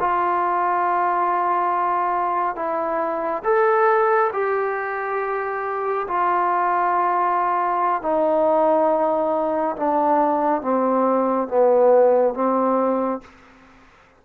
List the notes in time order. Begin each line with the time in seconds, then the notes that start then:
0.00 F4
2.56 E4
3.44 A4
4.33 G4
6.08 F4
8.02 D#4
9.77 D4
10.62 C4
11.48 B3
12.34 C4